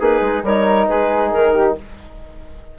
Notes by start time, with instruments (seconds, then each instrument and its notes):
0.00 bassoon A#3, flute D#4, trombone G#4, clarinet B4
0.21 bassoon G#3
0.43 bassoon G3, trombone D#4, flute A#4, clarinet C#5
0.88 bassoon G#3, flute G#4, clarinet B4
1.31 bassoon D#3, clarinet A#4
1.53 flute G4